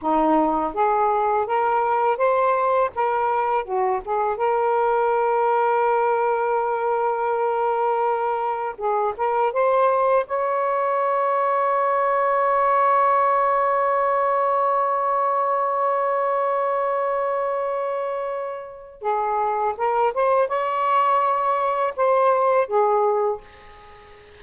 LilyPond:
\new Staff \with { instrumentName = "saxophone" } { \time 4/4 \tempo 4 = 82 dis'4 gis'4 ais'4 c''4 | ais'4 fis'8 gis'8 ais'2~ | ais'1 | gis'8 ais'8 c''4 cis''2~ |
cis''1~ | cis''1~ | cis''2 gis'4 ais'8 c''8 | cis''2 c''4 gis'4 | }